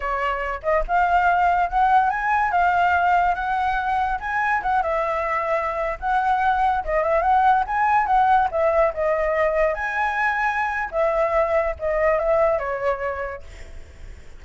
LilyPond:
\new Staff \with { instrumentName = "flute" } { \time 4/4 \tempo 4 = 143 cis''4. dis''8 f''2 | fis''4 gis''4 f''2 | fis''2 gis''4 fis''8 e''8~ | e''2~ e''16 fis''4.~ fis''16~ |
fis''16 dis''8 e''8 fis''4 gis''4 fis''8.~ | fis''16 e''4 dis''2 gis''8.~ | gis''2 e''2 | dis''4 e''4 cis''2 | }